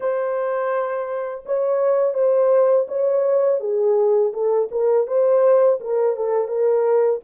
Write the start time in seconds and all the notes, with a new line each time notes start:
0.00 C5
1.45 C#5
2.14 C5
2.88 C#5
3.60 G#4
4.33 A4
4.71 A#4
5.07 C5
5.80 A#4
6.16 A4
6.47 A#4